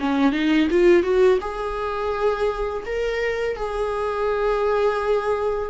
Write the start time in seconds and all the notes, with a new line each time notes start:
0.00 C#4
0.32 D#4
0.70 F4
1.03 F#4
1.41 G#4
2.85 A#4
3.56 G#4